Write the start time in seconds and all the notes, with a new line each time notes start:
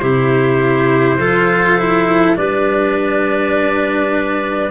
0.00 C3 E4 G4 C5
1.18 F3 F4 A4
1.79 E4
2.36 G3 D4 B4 D5